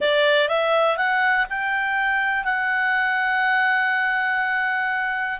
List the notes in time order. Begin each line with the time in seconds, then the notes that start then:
0.00 D5
0.48 E5
0.97 F#5
1.49 G5
2.44 F#5